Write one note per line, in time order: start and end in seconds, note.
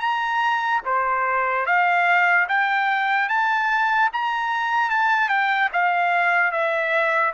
0.00 0.81 A#5
0.85 1.66 C5
1.66 2.47 F5
2.48 3.29 G5
3.29 4.10 A5
4.13 4.91 A#5
4.91 5.29 A5
5.29 5.69 G5
5.73 6.52 F5
6.52 7.33 E5